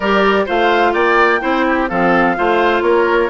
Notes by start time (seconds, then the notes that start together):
0.00 G3 G4 A#4 D5
0.45 A3 F4 C5 F5
0.93 A#3 D5 G5
1.40 C4 E4 C5
1.67 G4
1.88 F3 C4 A4 F5
2.36 A3 F4 C5
2.81 A#3 A#4 C#5